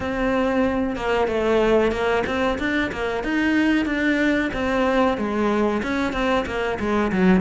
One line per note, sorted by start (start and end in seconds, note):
0.00 0.96 C4
0.96 1.27 A#3
1.27 1.91 A3
1.91 2.23 A#3
2.26 2.58 C4
2.58 2.91 D4
2.92 3.23 A#3
3.23 3.85 D#4
3.85 4.50 D4
4.53 5.17 C4
5.17 5.82 G#3
5.82 6.12 C#4
6.12 6.45 C4
6.46 6.78 A#3
6.79 7.11 G#3
7.11 7.40 F#3